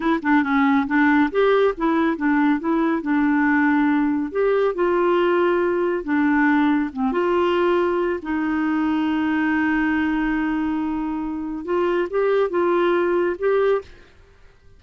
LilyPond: \new Staff \with { instrumentName = "clarinet" } { \time 4/4 \tempo 4 = 139 e'8 d'8 cis'4 d'4 g'4 | e'4 d'4 e'4 d'4~ | d'2 g'4 f'4~ | f'2 d'2 |
c'8 f'2~ f'8 dis'4~ | dis'1~ | dis'2. f'4 | g'4 f'2 g'4 | }